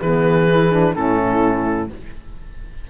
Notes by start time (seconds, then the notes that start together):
0.00 E3 B3 G#4 B4
0.49 E4
0.72 D4
0.95 A2 C#4 E4 A4